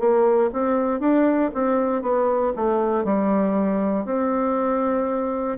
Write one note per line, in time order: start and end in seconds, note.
0.00 0.51 A#3
0.53 1.00 C4
1.00 1.51 D4
1.54 2.02 C4
2.02 2.53 B3
2.57 3.05 A3
3.05 4.06 G3
4.06 5.58 C4